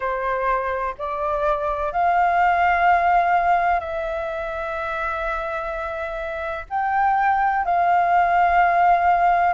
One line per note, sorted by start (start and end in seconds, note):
0.00 0.94 C5
0.98 1.92 D5
1.92 3.80 F5
3.80 6.65 E5
6.69 7.65 G5
7.65 9.53 F5